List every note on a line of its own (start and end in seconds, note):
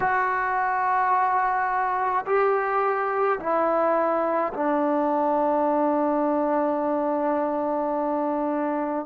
0.00 2.25 F#4
2.26 3.39 G4
3.40 4.53 E4
4.53 9.06 D4